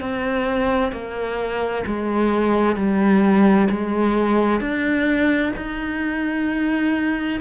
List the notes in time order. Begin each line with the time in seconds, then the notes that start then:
0.00 C4
0.92 A#3
1.86 G#3
2.76 G3
3.70 G#3
4.60 D4
5.56 D#4